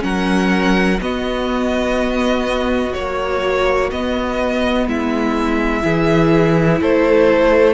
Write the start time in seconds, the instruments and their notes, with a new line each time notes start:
0.00 cello F#3, viola C#4, violin A#4 F#5
1.01 cello B3, viola B3, violin F#4 D#5
2.94 viola F#3, cello A#3, violin C#5
3.91 viola B3, cello B3, violin D#5
4.87 cello G#3, violin E4 E5
5.81 cello E3, viola E4, violin G#4
6.81 cello A3, violin A4 C5